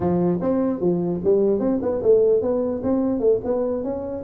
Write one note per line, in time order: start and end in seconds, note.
0.00 0.39 F3
0.41 0.80 C4
0.80 1.20 F3
1.24 1.59 G3
1.59 1.79 C4
1.81 2.02 B3
2.02 2.41 A3
2.41 2.81 B3
2.83 3.19 C4
3.19 3.40 A3
3.44 3.83 B3
3.83 4.23 C#4